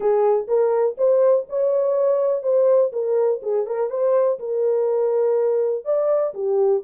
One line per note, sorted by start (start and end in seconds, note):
0.00 0.47 G#4
0.47 0.96 A#4
0.97 1.46 C5
1.49 2.42 C#5
2.42 2.91 C5
2.92 3.41 A#4
3.42 3.66 G#4
3.66 3.90 A#4
3.90 4.38 C5
4.39 5.84 A#4
5.84 6.33 D5
6.34 6.82 G4